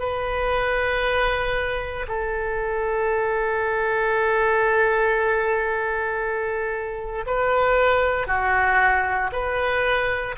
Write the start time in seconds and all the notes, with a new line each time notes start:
0.00 B4
2.08 A4
7.26 B4
8.28 F#4
9.32 B4